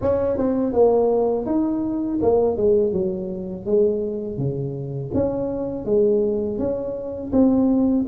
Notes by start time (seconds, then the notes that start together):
0.01 C#4
0.37 C4
0.73 A#3
1.46 D#4
2.22 A#3
2.56 G#3
2.92 F#3
3.65 G#3
4.37 C#3
5.14 C#4
5.85 G#3
6.58 C#4
7.32 C4